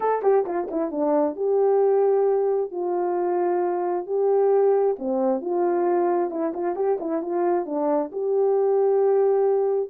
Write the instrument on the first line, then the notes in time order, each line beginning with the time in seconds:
horn
0.00 A4
0.22 G4
0.45 F4
0.71 E4
0.91 D4
1.36 G4
2.71 F4
4.06 G4
4.98 C4
5.41 F4
6.30 E4
6.53 F4
6.75 G4
6.99 E4
7.22 F4
7.65 D4
8.12 G4